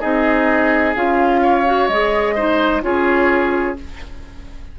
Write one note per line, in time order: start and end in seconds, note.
0.00 0.95 C4
0.00 0.95 D#4
0.00 1.41 G#4
0.00 0.94 D#5
0.95 1.89 C#4
0.95 1.66 F4
0.95 1.88 F5
1.42 2.35 C#5
1.66 1.89 F#4
1.88 2.82 G#3
1.88 2.37 G#4
1.88 2.82 D#5
2.35 2.82 D#4
2.35 2.82 C5
2.82 3.78 C#4
2.82 3.76 F4
2.82 3.79 G#4
2.82 3.76 C#5